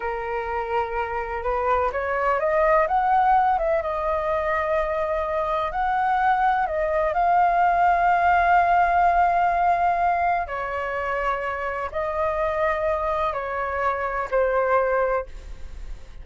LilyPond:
\new Staff \with { instrumentName = "flute" } { \time 4/4 \tempo 4 = 126 ais'2. b'4 | cis''4 dis''4 fis''4. e''8 | dis''1 | fis''2 dis''4 f''4~ |
f''1~ | f''2 cis''2~ | cis''4 dis''2. | cis''2 c''2 | }